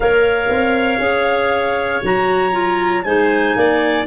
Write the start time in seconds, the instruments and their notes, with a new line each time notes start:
0.00 tuba A#3, clarinet A#4 C#5, trumpet F5
0.49 tuba C4
0.99 tuba C#4, clarinet G#4
2.03 tuba F#3, clarinet F#4, trumpet A#5
2.51 clarinet F4
3.03 tuba G#3, clarinet D#4 C5, trumpet G#5
3.56 tuba A#3, clarinet D5